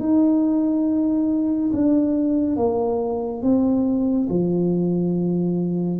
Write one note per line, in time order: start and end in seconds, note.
0.00 1.71 D#4
1.73 2.57 D4
2.57 3.42 A#3
3.43 4.29 C4
4.29 6.00 F3